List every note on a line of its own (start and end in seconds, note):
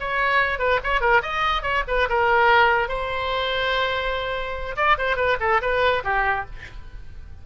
0.00 0.59 C#5
0.59 0.80 B4
0.84 1.01 C#5
1.01 1.22 A#4
1.22 1.62 D#5
1.62 1.83 C#5
1.88 2.09 B4
2.09 2.88 A#4
2.88 4.76 C5
4.77 4.97 D5
4.98 5.16 C5
5.16 5.37 B4
5.40 5.61 A4
5.62 6.03 B4
6.04 6.46 G4